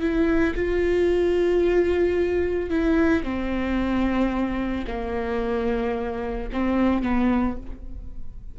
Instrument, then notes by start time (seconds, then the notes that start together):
viola
0.00 E4
0.55 F4
2.70 E4
3.23 C4
4.86 A#3
6.52 C4
7.02 B3